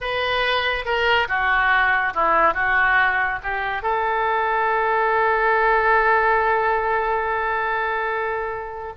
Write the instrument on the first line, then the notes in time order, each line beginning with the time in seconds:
oboe
0.00 B4
0.85 A#4
1.28 F#4
2.14 E4
2.54 F#4
3.43 G4
3.82 A4